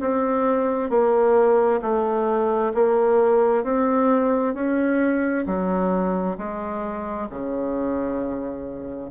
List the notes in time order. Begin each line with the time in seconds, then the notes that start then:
0.00 C4
0.90 A#3
1.82 A3
2.74 A#3
3.64 C4
4.54 C#4
5.46 F#3
6.38 G#3
7.30 C#3